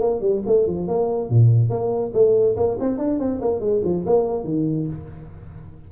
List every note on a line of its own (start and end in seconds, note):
0.00 0.21 A#3
0.21 0.42 G3
0.46 0.67 A3
0.67 0.87 F3
0.87 1.30 A#3
1.30 1.69 A#2
1.69 2.12 A#3
2.13 2.56 A3
2.56 2.77 A#3
2.80 2.98 C4
2.98 3.19 D4
3.19 3.40 C4
3.41 3.60 A#3
3.60 3.81 G#3
3.84 4.05 F3
4.06 4.44 A#3
4.44 4.86 D#3